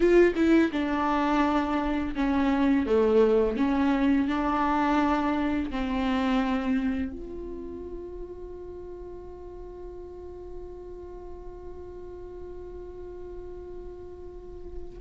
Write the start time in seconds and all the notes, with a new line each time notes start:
0.00 F4
0.35 E4
0.72 D4
2.15 C#4
2.86 A3
3.56 C#4
4.28 D4
5.70 C4
7.12 F4